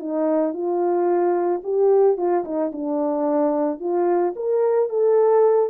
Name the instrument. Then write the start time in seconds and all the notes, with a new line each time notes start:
horn
0.00 D#4
0.53 F4
1.64 G4
2.17 F4
2.44 D#4
2.72 D4
3.80 F4
4.36 A#4
4.89 A4